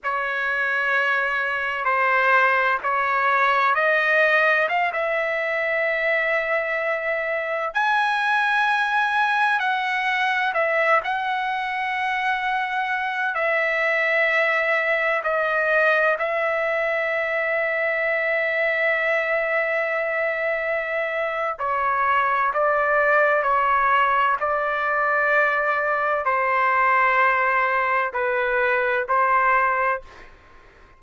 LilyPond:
\new Staff \with { instrumentName = "trumpet" } { \time 4/4 \tempo 4 = 64 cis''2 c''4 cis''4 | dis''4 f''16 e''2~ e''8.~ | e''16 gis''2 fis''4 e''8 fis''16~ | fis''2~ fis''16 e''4.~ e''16~ |
e''16 dis''4 e''2~ e''8.~ | e''2. cis''4 | d''4 cis''4 d''2 | c''2 b'4 c''4 | }